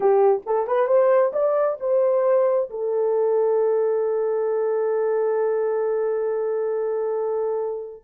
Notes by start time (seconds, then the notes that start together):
0.00 G4
0.46 A4
0.67 B4
0.87 C5
1.32 D5
1.80 C5
2.69 A4